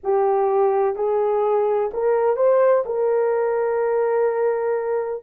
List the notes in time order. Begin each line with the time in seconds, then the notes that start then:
0.03 G4
0.95 G#4
1.93 A#4
2.36 C5
2.85 A#4